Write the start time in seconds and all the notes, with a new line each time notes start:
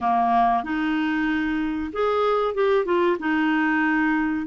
0.00 A#3
0.63 D#4
1.93 G#4
2.54 G4
2.85 F4
3.19 D#4